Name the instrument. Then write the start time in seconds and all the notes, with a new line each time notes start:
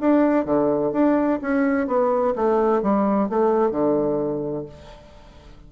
bassoon
0.00 D4
0.45 D3
0.92 D4
1.42 C#4
1.87 B3
2.36 A3
2.82 G3
3.29 A3
3.71 D3